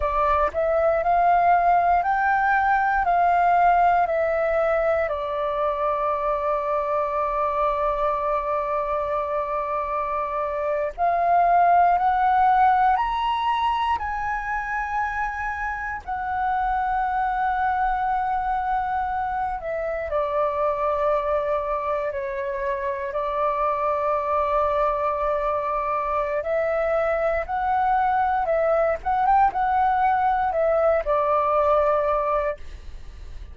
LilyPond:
\new Staff \with { instrumentName = "flute" } { \time 4/4 \tempo 4 = 59 d''8 e''8 f''4 g''4 f''4 | e''4 d''2.~ | d''2~ d''8. f''4 fis''16~ | fis''8. ais''4 gis''2 fis''16~ |
fis''2.~ fis''16 e''8 d''16~ | d''4.~ d''16 cis''4 d''4~ d''16~ | d''2 e''4 fis''4 | e''8 fis''16 g''16 fis''4 e''8 d''4. | }